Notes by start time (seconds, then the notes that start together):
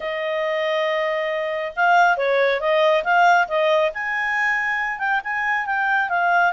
0.00 D#5
1.75 F5
2.17 C#5
2.60 D#5
3.04 F5
3.48 D#5
3.94 G#5
4.99 G5
5.24 G#5
5.65 G5
6.09 F5